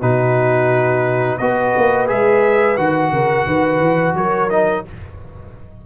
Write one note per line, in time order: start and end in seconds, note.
0.00 1.39 B2
0.00 1.39 D#4
0.00 1.38 F#4
0.00 1.37 B4
1.37 1.74 B3
1.37 2.06 F#4
1.37 3.12 B4
1.37 2.06 D#5
1.77 2.10 A#3
2.06 2.77 G#3
2.06 2.75 G#4
2.06 2.77 E5
2.76 3.11 D#3
2.76 4.49 F#4
2.76 4.15 F#5
3.11 3.45 C#3
3.11 3.46 A#4
3.46 3.79 D#3
3.46 4.15 B4
3.79 4.14 E3
4.14 4.83 F#3
4.14 4.85 A#4
4.14 4.49 C#5
4.49 4.84 D#4
4.49 4.84 D#5